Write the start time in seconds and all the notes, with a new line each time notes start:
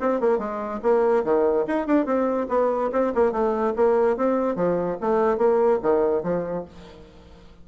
0.00 C4
0.20 A#3
0.38 G#3
0.82 A#3
1.23 D#3
1.67 D#4
1.87 D4
2.05 C4
2.49 B3
2.92 C4
3.14 A#3
3.32 A3
3.76 A#3
4.16 C4
4.55 F3
5.00 A3
5.37 A#3
5.82 D#3
6.23 F3